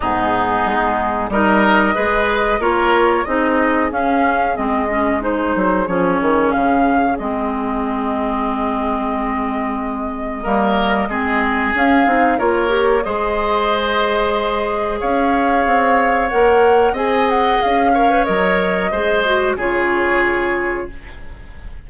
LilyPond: <<
  \new Staff \with { instrumentName = "flute" } { \time 4/4 \tempo 4 = 92 gis'2 dis''2 | cis''4 dis''4 f''4 dis''4 | c''4 cis''4 f''4 dis''4~ | dis''1~ |
dis''2 f''4 cis''4 | dis''2. f''4~ | f''4 fis''4 gis''8 fis''8 f''4 | dis''2 cis''2 | }
  \new Staff \with { instrumentName = "oboe" } { \time 4/4 dis'2 ais'4 b'4 | ais'4 gis'2.~ | gis'1~ | gis'1 |
ais'4 gis'2 ais'4 | c''2. cis''4~ | cis''2 dis''4. cis''8~ | cis''4 c''4 gis'2 | }
  \new Staff \with { instrumentName = "clarinet" } { \time 4/4 b2 dis'4 gis'4 | f'4 dis'4 cis'4 c'8 cis'8 | dis'4 cis'2 c'4~ | c'1 |
ais4 c'4 cis'8 dis'8 f'8 g'8 | gis'1~ | gis'4 ais'4 gis'4. ais'16 b'16 | ais'4 gis'8 fis'8 f'2 | }
  \new Staff \with { instrumentName = "bassoon" } { \time 4/4 gis,4 gis4 g4 gis4 | ais4 c'4 cis'4 gis4~ | gis8 fis8 f8 dis8 cis4 gis4~ | gis1 |
g4 gis4 cis'8 c'8 ais4 | gis2. cis'4 | c'4 ais4 c'4 cis'4 | fis4 gis4 cis2 | }
>>